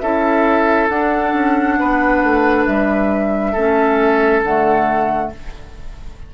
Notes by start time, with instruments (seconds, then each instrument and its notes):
0.00 bassoon C#4, clarinet E4, oboe A4, flute E5
0.90 bassoon D4, clarinet D4, flute F#5
1.34 bassoon C#4
1.79 bassoon B3, oboe B4
2.24 bassoon A3
2.66 bassoon G3, flute E5
3.53 bassoon A3, clarinet C#4, oboe A4
4.43 bassoon D3, clarinet A3, flute F#5